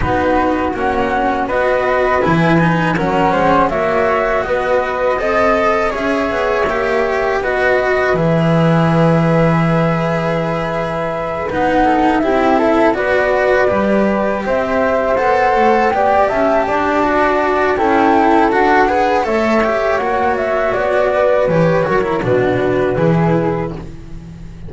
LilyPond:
<<
  \new Staff \with { instrumentName = "flute" } { \time 4/4 \tempo 4 = 81 b'4 fis''4 dis''4 gis''4 | fis''4 e''4 dis''2 | e''2 dis''4 e''4~ | e''2.~ e''8 fis''8~ |
fis''8 e''4 d''2 e''8~ | e''8 fis''4 g''8 a''2 | g''4 fis''4 e''4 fis''8 e''8 | d''4 cis''4 b'2 | }
  \new Staff \with { instrumentName = "flute" } { \time 4/4 fis'2 b'2 | ais'8 c''8 cis''4 b'4 dis''4 | cis''2 b'2~ | b'1 |
a'8 g'8 a'8 b'2 c''8~ | c''4. d''8 e''8 d''4. | a'4. b'8 cis''2~ | cis''8 b'4 ais'8 fis'4 gis'4 | }
  \new Staff \with { instrumentName = "cello" } { \time 4/4 dis'4 cis'4 fis'4 e'8 dis'8 | cis'4 fis'2 a'4 | gis'4 g'4 fis'4 gis'4~ | gis'2.~ gis'8 dis'8~ |
dis'8 e'4 fis'4 g'4.~ | g'8 a'4 g'4. fis'4 | e'4 fis'8 gis'8 a'8 g'8 fis'4~ | fis'4 g'8 fis'16 e'16 d'4 e'4 | }
  \new Staff \with { instrumentName = "double bass" } { \time 4/4 b4 ais4 b4 e4 | fis8 gis8 ais4 b4 c'4 | cis'8 b8 ais4 b4 e4~ | e2.~ e8 b8~ |
b8 c'4 b4 g4 c'8~ | c'8 b8 a8 b8 cis'8 d'4. | cis'4 d'4 a4 ais4 | b4 e8 fis8 b,4 e4 | }
>>